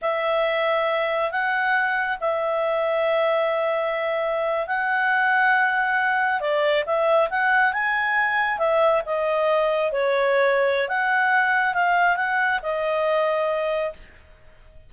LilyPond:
\new Staff \with { instrumentName = "clarinet" } { \time 4/4 \tempo 4 = 138 e''2. fis''4~ | fis''4 e''2.~ | e''2~ e''8. fis''4~ fis''16~ | fis''2~ fis''8. d''4 e''16~ |
e''8. fis''4 gis''2 e''16~ | e''8. dis''2 cis''4~ cis''16~ | cis''4 fis''2 f''4 | fis''4 dis''2. | }